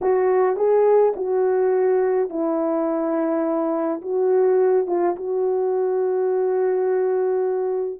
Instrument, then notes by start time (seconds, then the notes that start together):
horn
0.01 F#4
0.56 G#4
1.16 F#4
2.29 E4
4.01 F#4
4.86 F4
5.16 F#4